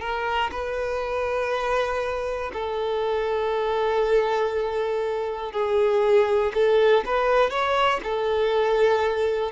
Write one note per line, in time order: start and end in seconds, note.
0.00 0.50 A#4
0.51 2.51 B4
2.53 5.52 A4
5.52 6.52 G#4
6.54 7.04 A4
7.05 7.50 B4
7.50 8.00 C#5
8.03 9.51 A4